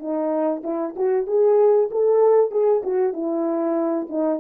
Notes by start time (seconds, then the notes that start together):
0.00 D#4
0.64 E4
0.96 F#4
1.27 G#4
1.91 A4
2.51 G#4
2.84 F#4
3.14 E4
4.09 D#4